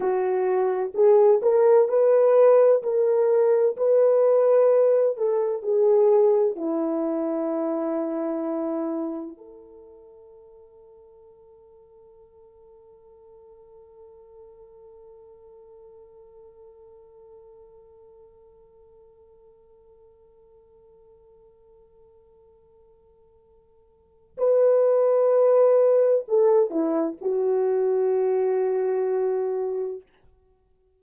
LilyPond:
\new Staff \with { instrumentName = "horn" } { \time 4/4 \tempo 4 = 64 fis'4 gis'8 ais'8 b'4 ais'4 | b'4. a'8 gis'4 e'4~ | e'2 a'2~ | a'1~ |
a'1~ | a'1~ | a'2 b'2 | a'8 e'8 fis'2. | }